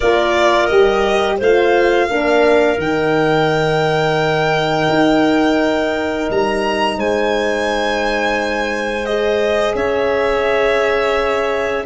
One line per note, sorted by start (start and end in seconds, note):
0.00 0.70 A#3
0.00 0.71 F4
0.00 1.37 A#4
0.00 0.66 D5
0.66 1.40 G3
0.66 1.41 G4
0.66 1.36 D#5
1.37 2.09 A3
1.37 2.09 F4
1.37 2.07 C5
1.37 2.80 F5
2.09 2.77 A#3
2.09 2.79 D4
2.09 6.97 A#4
2.77 4.87 D#3
2.77 9.07 D#4
2.77 6.29 G5
4.89 6.28 D#4
6.30 6.97 G3
6.30 6.99 A#5
6.97 9.74 G#3
6.97 9.75 C5
6.97 9.05 G#5
9.05 11.86 G#4
9.05 9.75 D#5
9.74 11.84 C#4
9.74 11.84 C#5
9.74 11.85 E5